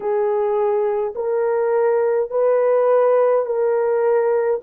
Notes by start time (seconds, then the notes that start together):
0.00 G#4
1.15 A#4
2.30 B4
3.45 A#4